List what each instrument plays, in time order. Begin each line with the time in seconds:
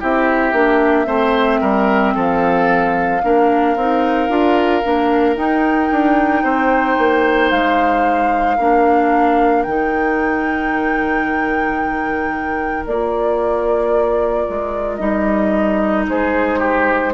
0.00 bassoon C4, clarinet E4, oboe G4, flute E5
0.53 bassoon A#3, clarinet D4
1.05 bassoon A3, clarinet C4, oboe C5
1.61 bassoon G3, oboe A#4
2.15 bassoon F3, oboe A4, flute F5
3.23 bassoon A#3, clarinet D4, oboe A#4
3.76 bassoon C4, clarinet D#4
4.29 bassoon D4, clarinet F4
4.83 bassoon A#3, clarinet D4
5.35 clarinet D#4, bassoon D#4, flute G5
5.91 bassoon D4
6.43 bassoon C4, oboe C5
6.98 bassoon A#3
7.51 bassoon G#3, flute F5
8.57 bassoon A#3, clarinet D4, oboe A#4
9.63 bassoon D#3, clarinet D#4, flute G5
12.87 bassoon A#3, clarinet F4, flute D5
14.49 bassoon G#3
14.96 bassoon G3, clarinet D#4, flute D#5
16.09 bassoon G#3, oboe G#4, flute C5
16.59 oboe G4